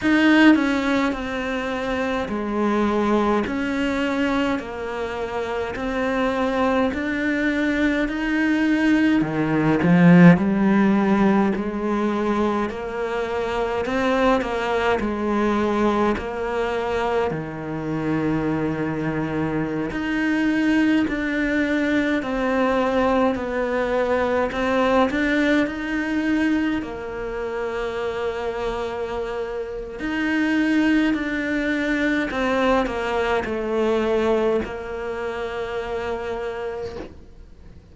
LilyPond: \new Staff \with { instrumentName = "cello" } { \time 4/4 \tempo 4 = 52 dis'8 cis'8 c'4 gis4 cis'4 | ais4 c'4 d'4 dis'4 | dis8 f8 g4 gis4 ais4 | c'8 ais8 gis4 ais4 dis4~ |
dis4~ dis16 dis'4 d'4 c'8.~ | c'16 b4 c'8 d'8 dis'4 ais8.~ | ais2 dis'4 d'4 | c'8 ais8 a4 ais2 | }